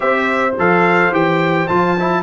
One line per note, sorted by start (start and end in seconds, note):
0.00 0.57 C4
0.00 0.51 G4
0.00 2.21 C5
0.00 0.54 E5
0.57 1.11 F3
0.57 1.12 A4
0.57 1.14 F5
1.11 1.67 E3
1.11 1.68 G4
1.11 1.67 G5
1.67 2.23 F3
1.67 1.97 F4
1.67 2.23 A5
1.99 2.23 E4